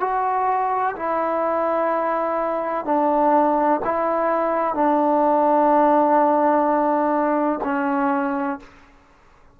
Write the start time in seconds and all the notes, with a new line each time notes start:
0.00 F#4
0.96 E4
2.85 D4
3.84 E4
4.74 D4
7.64 C#4